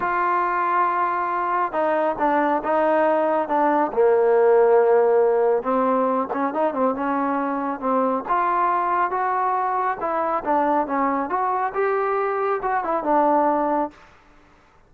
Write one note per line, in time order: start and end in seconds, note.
0.00 1.72 F4
1.72 2.15 D#4
2.18 2.62 D4
2.63 3.48 D#4
3.48 3.91 D4
3.92 5.62 A#3
5.62 6.27 C4
6.33 6.53 C#4
6.53 6.73 D#4
6.73 6.94 C4
6.94 7.79 C#4
7.79 8.23 C4
8.28 9.10 F4
9.10 9.97 F#4
10.00 10.43 E4
10.44 10.87 D4
10.87 11.29 C#4
11.29 11.73 F#4
11.74 12.60 G4
12.62 12.83 F#4
12.83 13.03 E4
13.03 13.90 D4